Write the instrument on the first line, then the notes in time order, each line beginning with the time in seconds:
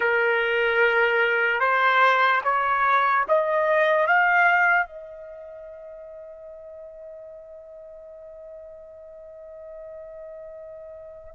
trumpet
0.00 A#4
1.60 C5
2.44 C#5
3.28 D#5
4.07 F5
4.86 D#5